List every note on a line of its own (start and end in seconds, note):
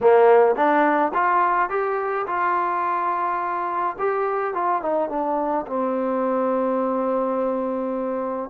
0.01 0.55 A#3
0.55 1.12 D4
1.13 1.69 F4
1.69 2.26 G4
2.26 3.96 F4
3.98 4.54 G4
4.54 4.81 F4
4.81 5.09 D#4
5.09 5.66 D4
5.66 8.49 C4